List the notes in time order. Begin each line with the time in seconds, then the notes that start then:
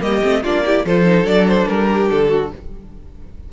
0.00 G3 A#3 G4 D#5
0.22 A3 C4
0.43 A#3 D4 F4 D5
0.64 E4 G4
0.85 F3 F4 A4 C5
1.04 D#4
1.24 F#3 D4 D5
1.47 C5
1.68 G3 A#4
1.91 G4
2.10 D3 A4
2.28 F#4